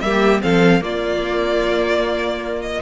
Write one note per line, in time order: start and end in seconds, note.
0.00 0.42 G3
0.00 0.40 A#3
0.00 0.43 G4
0.00 0.40 E5
0.40 0.81 F3
0.40 0.80 C4
0.40 0.83 A4
0.40 0.83 F5
0.80 2.80 A#3
0.80 2.81 A#3
0.80 2.82 F4
0.80 2.61 D5
2.61 2.81 D#5